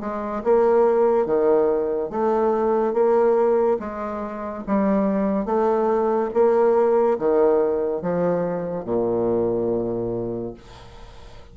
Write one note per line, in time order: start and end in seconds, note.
0.00 0.42 G#3
0.43 1.26 A#3
1.26 2.09 D#3
2.09 2.93 A3
2.93 3.78 A#3
3.79 4.64 G#3
4.66 5.45 G3
5.45 6.30 A3
6.33 7.18 A#3
7.18 8.01 D#3
8.01 8.84 F3
8.84 10.53 A#2